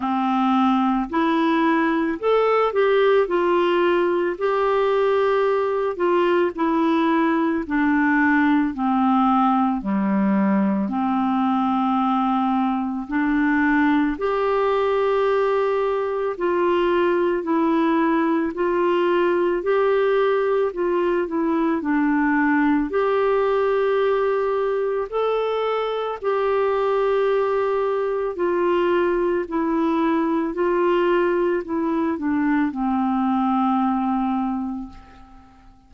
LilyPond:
\new Staff \with { instrumentName = "clarinet" } { \time 4/4 \tempo 4 = 55 c'4 e'4 a'8 g'8 f'4 | g'4. f'8 e'4 d'4 | c'4 g4 c'2 | d'4 g'2 f'4 |
e'4 f'4 g'4 f'8 e'8 | d'4 g'2 a'4 | g'2 f'4 e'4 | f'4 e'8 d'8 c'2 | }